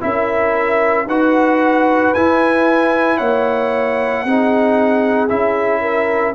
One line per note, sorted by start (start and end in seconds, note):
0.00 1.05 C#4
0.00 1.05 E4
0.00 1.07 A#4
0.00 1.07 E5
1.05 2.11 D#4
1.05 2.14 F#4
1.05 3.17 B4
1.05 2.14 F#5
2.14 3.19 E4
2.14 4.26 E4
2.14 3.17 G#5
3.17 4.24 A#3
3.17 4.22 C#5
3.17 5.27 F#5
4.24 5.30 C4
4.24 5.28 D#4
4.24 5.81 G#4
5.28 6.34 C#4
5.28 6.33 E4
5.28 6.34 E5
5.81 6.33 A#4